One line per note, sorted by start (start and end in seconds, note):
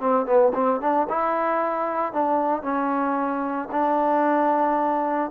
0.00 0.26 C4
0.26 0.52 B3
0.54 0.80 C4
0.81 1.07 D4
1.09 2.13 E4
2.13 2.62 D4
2.62 3.69 C#4
3.71 5.30 D4